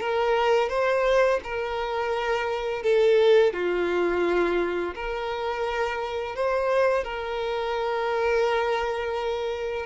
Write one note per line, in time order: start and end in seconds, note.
0.00 0.69 A#4
0.69 1.40 C5
1.44 2.83 A#4
2.83 3.53 A4
3.53 4.94 F4
4.95 6.36 A#4
6.36 7.04 C5
7.04 9.86 A#4